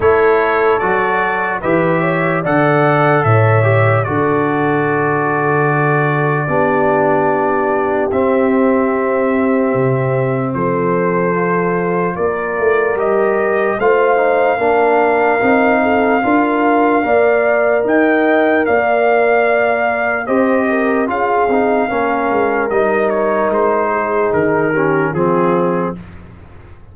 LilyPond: <<
  \new Staff \with { instrumentName = "trumpet" } { \time 4/4 \tempo 4 = 74 cis''4 d''4 e''4 fis''4 | e''4 d''2.~ | d''2 e''2~ | e''4 c''2 d''4 |
dis''4 f''2.~ | f''2 g''4 f''4~ | f''4 dis''4 f''2 | dis''8 cis''8 c''4 ais'4 gis'4 | }
  \new Staff \with { instrumentName = "horn" } { \time 4/4 a'2 b'8 cis''8 d''4 | cis''4 a'2. | g'1~ | g'4 a'2 ais'4~ |
ais'4 c''4 ais'4. a'8 | ais'4 d''4 dis''4 d''4~ | d''4 c''8 ais'8 gis'4 ais'4~ | ais'4. gis'4 g'8 f'4 | }
  \new Staff \with { instrumentName = "trombone" } { \time 4/4 e'4 fis'4 g'4 a'4~ | a'8 g'8 fis'2. | d'2 c'2~ | c'2 f'2 |
g'4 f'8 dis'8 d'4 dis'4 | f'4 ais'2.~ | ais'4 g'4 f'8 dis'8 cis'4 | dis'2~ dis'8 cis'8 c'4 | }
  \new Staff \with { instrumentName = "tuba" } { \time 4/4 a4 fis4 e4 d4 | a,4 d2. | b2 c'2 | c4 f2 ais8 a8 |
g4 a4 ais4 c'4 | d'4 ais4 dis'4 ais4~ | ais4 c'4 cis'8 c'8 ais8 gis8 | g4 gis4 dis4 f4 | }
>>